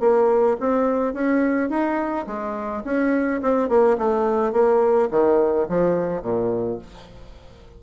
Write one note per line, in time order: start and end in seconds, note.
0.00 0.57 A#3
0.60 1.13 C4
1.13 1.69 C#4
1.69 2.26 D#4
2.27 2.83 G#3
2.84 3.41 C#4
3.42 3.69 C4
3.69 3.97 A#3
3.98 4.52 A3
4.52 5.09 A#3
5.11 5.67 D#3
5.69 6.22 F3
6.22 6.78 A#2